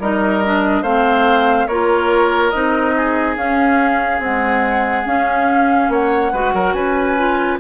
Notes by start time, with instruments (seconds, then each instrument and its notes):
0.00 bassoon G3, clarinet D#4, oboe A#4, flute D#5
0.45 clarinet D4
0.82 bassoon A3, clarinet C4, oboe C5, flute F5
1.67 bassoon A#3, clarinet F4, oboe A#4, flute C#5
2.50 bassoon C4, clarinet D#4, flute D#5
2.97 oboe G#4
3.36 bassoon C#4, clarinet C#4, flute F5
4.19 clarinet G#3, bassoon C4, flute F#5
5.06 clarinet C#4, bassoon C#4, flute F5
5.89 bassoon A#3, oboe C#5, flute F#5
6.32 bassoon G#3, clarinet F#4, oboe B4
6.54 bassoon F#3, oboe A#4
6.73 bassoon C#4, oboe B4, flute G#5
7.17 clarinet F4